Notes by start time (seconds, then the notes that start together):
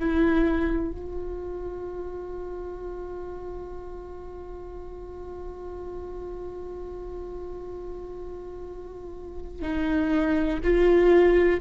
0.00 E4
0.91 F4
9.62 D#4
10.64 F4